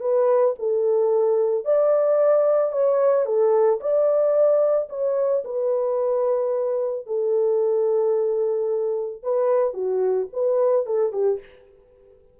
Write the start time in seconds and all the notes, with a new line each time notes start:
0.00 B4
0.59 A4
1.65 D5
2.72 C#5
3.25 A4
3.80 D5
4.89 C#5
5.44 B4
7.06 A4
9.23 B4
9.73 F#4
10.32 B4
10.86 A4
11.12 G4